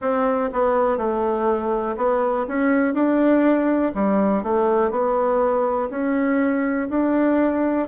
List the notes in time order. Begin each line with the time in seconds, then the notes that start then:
0.00 C4
0.52 B3
0.97 A3
1.96 B3
2.48 C#4
2.93 D4
3.94 G3
4.43 A3
4.90 B3
5.90 C#4
6.89 D4